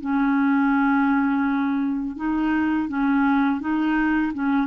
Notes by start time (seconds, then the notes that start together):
0.00 C#4
2.16 D#4
2.88 C#4
3.60 D#4
4.33 C#4